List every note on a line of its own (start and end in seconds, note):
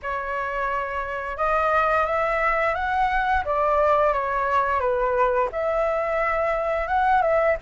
0.02 1.37 C#5
1.37 2.06 D#5
2.06 2.75 E5
2.75 3.44 F#5
3.45 4.13 D5
4.13 4.80 C#5
4.80 5.49 B4
5.51 6.87 E5
6.87 7.22 F#5
7.22 7.56 E5